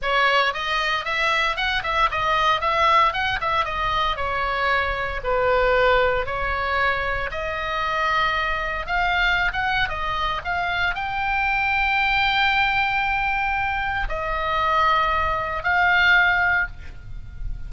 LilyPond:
\new Staff \with { instrumentName = "oboe" } { \time 4/4 \tempo 4 = 115 cis''4 dis''4 e''4 fis''8 e''8 | dis''4 e''4 fis''8 e''8 dis''4 | cis''2 b'2 | cis''2 dis''2~ |
dis''4 f''4~ f''16 fis''8. dis''4 | f''4 g''2.~ | g''2. dis''4~ | dis''2 f''2 | }